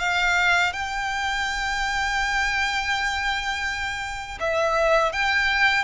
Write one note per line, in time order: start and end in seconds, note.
0.00 0.73 F5
0.73 4.39 G5
4.40 5.13 E5
5.13 5.84 G5